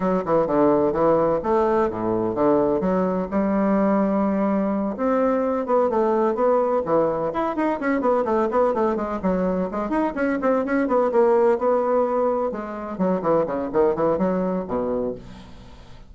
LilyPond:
\new Staff \with { instrumentName = "bassoon" } { \time 4/4 \tempo 4 = 127 fis8 e8 d4 e4 a4 | a,4 d4 fis4 g4~ | g2~ g8 c'4. | b8 a4 b4 e4 e'8 |
dis'8 cis'8 b8 a8 b8 a8 gis8 fis8~ | fis8 gis8 dis'8 cis'8 c'8 cis'8 b8 ais8~ | ais8 b2 gis4 fis8 | e8 cis8 dis8 e8 fis4 b,4 | }